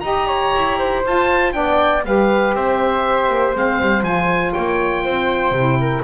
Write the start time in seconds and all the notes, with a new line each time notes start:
0.00 D#4 G4 D#5 A#5
0.27 C#5
0.55 E4
0.78 C5
1.05 F4 A5
1.51 B3 D4 D5 G5
2.04 G3 G4 B4 F5
2.54 C4 C5 E5
3.29 A#3
3.53 G#3 C4 F5
3.81 G3
4.02 F3 F4 G#5
4.53 A#3 C#5 G5
5.04 C4 C5
5.51 C3 E4
5.80 A#4